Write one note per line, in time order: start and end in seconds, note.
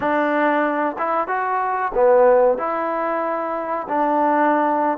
0.00 0.96 D4
0.98 1.27 E4
1.27 1.92 F#4
1.94 2.58 B3
2.58 3.87 E4
3.88 4.97 D4